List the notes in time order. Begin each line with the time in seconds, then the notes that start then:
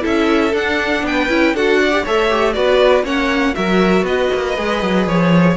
0.00 C#4 E4 A4 E5
0.53 D4 F#5
1.03 B3 B4 G5
1.29 C#4 E4
1.54 D4 F#4 A4 F#5
1.80 D5
1.91 G4
2.03 A3 A4 C#5 E5
2.29 G4
2.53 B3 F#4 B4 D5
3.03 A#3 C#4 C#5 F#5
3.54 F#3 F#4 A#4 E5
4.02 B3 B4 D#5
4.33 A#3
4.57 G#3 G#4
4.82 F#3
5.06 F3 C#5